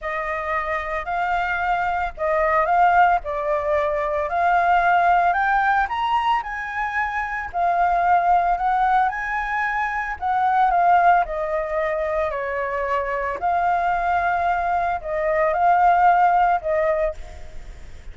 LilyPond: \new Staff \with { instrumentName = "flute" } { \time 4/4 \tempo 4 = 112 dis''2 f''2 | dis''4 f''4 d''2 | f''2 g''4 ais''4 | gis''2 f''2 |
fis''4 gis''2 fis''4 | f''4 dis''2 cis''4~ | cis''4 f''2. | dis''4 f''2 dis''4 | }